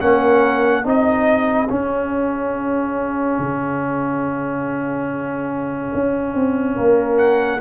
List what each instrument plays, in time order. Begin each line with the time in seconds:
0.00 tuba A#3, trombone C#4, horn A#4, trumpet F#5
0.83 tuba C4, trombone D#4, horn G#4, trumpet D#5
1.68 trombone C#4, tuba C#4, trumpet F5
3.39 tuba C#3
5.94 tuba C#4
6.35 tuba C4
6.75 tuba A#3, horn A#4
7.18 trumpet F#5